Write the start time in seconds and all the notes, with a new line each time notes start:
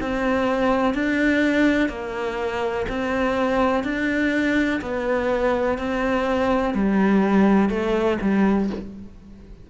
0.00 C4
0.94 D4
1.89 A#3
2.89 C4
3.84 D4
4.81 B3
5.78 C4
6.74 G3
7.70 A3
8.22 G3